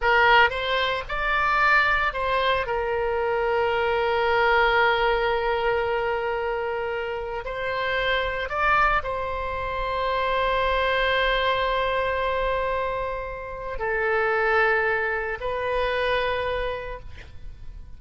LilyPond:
\new Staff \with { instrumentName = "oboe" } { \time 4/4 \tempo 4 = 113 ais'4 c''4 d''2 | c''4 ais'2.~ | ais'1~ | ais'2 c''2 |
d''4 c''2.~ | c''1~ | c''2 a'2~ | a'4 b'2. | }